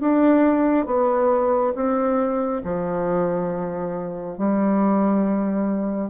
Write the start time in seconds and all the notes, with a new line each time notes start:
0.00 D4
0.86 B3
1.75 C4
2.64 F3
4.38 G3